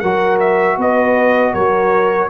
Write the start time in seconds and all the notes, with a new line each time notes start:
0.00 F#3 F#4 A#4 F#5
0.40 E5
0.78 B3 B4 D#5
1.54 F#3 A#4 C#5